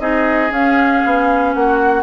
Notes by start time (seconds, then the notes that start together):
0.00 C4 D#4 G#4 D#5
0.51 C#4 F5
1.05 B3
1.54 A#3 F#4 F#5